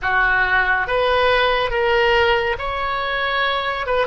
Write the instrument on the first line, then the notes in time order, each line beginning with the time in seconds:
oboe
0.02 F#4
0.86 B4
1.70 A#4
2.58 C#5
3.86 B4